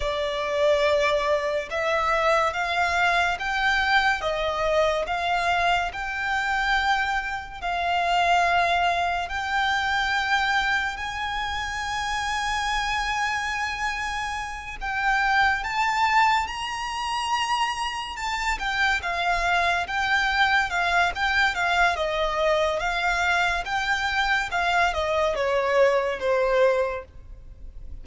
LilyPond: \new Staff \with { instrumentName = "violin" } { \time 4/4 \tempo 4 = 71 d''2 e''4 f''4 | g''4 dis''4 f''4 g''4~ | g''4 f''2 g''4~ | g''4 gis''2.~ |
gis''4. g''4 a''4 ais''8~ | ais''4. a''8 g''8 f''4 g''8~ | g''8 f''8 g''8 f''8 dis''4 f''4 | g''4 f''8 dis''8 cis''4 c''4 | }